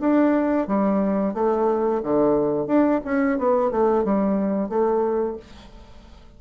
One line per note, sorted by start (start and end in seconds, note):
0.00 0.67 D4
0.67 1.34 G3
1.34 2.01 A3
2.03 2.67 D3
2.67 3.00 D4
3.05 3.38 C#4
3.38 3.71 B3
3.71 4.04 A3
4.04 4.69 G3
4.69 5.37 A3